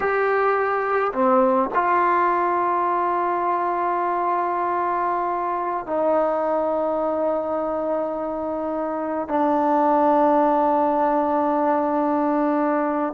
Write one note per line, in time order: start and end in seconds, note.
0.00 1.11 G4
1.12 1.69 C4
1.74 5.86 F4
5.86 9.28 D#4
9.28 13.13 D4